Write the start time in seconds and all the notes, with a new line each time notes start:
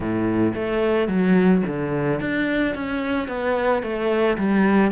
0.00 A2
0.54 A3
1.08 F#3
1.67 D3
2.20 D4
2.74 C#4
3.28 B3
3.82 A3
4.37 G3